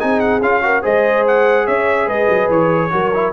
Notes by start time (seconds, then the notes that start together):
0.00 C4 D#4 G#4 G#5
0.20 F#5
0.41 C#4 F4 F5
0.63 F#4 A#4
0.83 G#3 G#4 C5 D#5
1.27 F#5
1.66 C#4 C#5 E5
2.07 G#3 B4 D#5
2.30 F#3
2.49 E3 C#5
2.91 F#3 F#4 A#4
3.14 E4